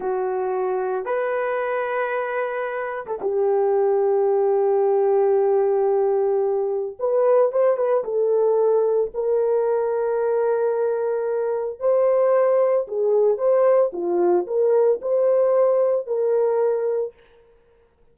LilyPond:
\new Staff \with { instrumentName = "horn" } { \time 4/4 \tempo 4 = 112 fis'2 b'2~ | b'4.~ b'16 a'16 g'2~ | g'1~ | g'4 b'4 c''8 b'8 a'4~ |
a'4 ais'2.~ | ais'2 c''2 | gis'4 c''4 f'4 ais'4 | c''2 ais'2 | }